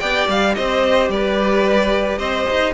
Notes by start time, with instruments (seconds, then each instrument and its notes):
0.00 cello B3, viola G4, violin D5 G5
0.28 cello G3, violin F5
0.55 cello C4, violin C5 D#5
1.09 cello G3, violin B4 D5
2.19 cello C4, violin C5 D#5
2.50 cello D#4